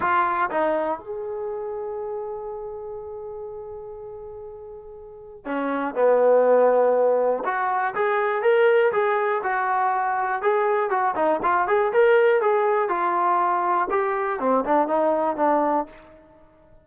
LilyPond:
\new Staff \with { instrumentName = "trombone" } { \time 4/4 \tempo 4 = 121 f'4 dis'4 gis'2~ | gis'1~ | gis'2. cis'4 | b2. fis'4 |
gis'4 ais'4 gis'4 fis'4~ | fis'4 gis'4 fis'8 dis'8 f'8 gis'8 | ais'4 gis'4 f'2 | g'4 c'8 d'8 dis'4 d'4 | }